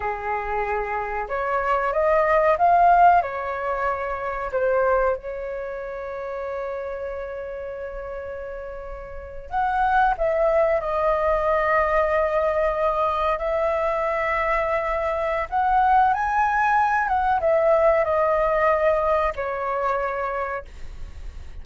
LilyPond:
\new Staff \with { instrumentName = "flute" } { \time 4/4 \tempo 4 = 93 gis'2 cis''4 dis''4 | f''4 cis''2 c''4 | cis''1~ | cis''2~ cis''8. fis''4 e''16~ |
e''8. dis''2.~ dis''16~ | dis''8. e''2.~ e''16 | fis''4 gis''4. fis''8 e''4 | dis''2 cis''2 | }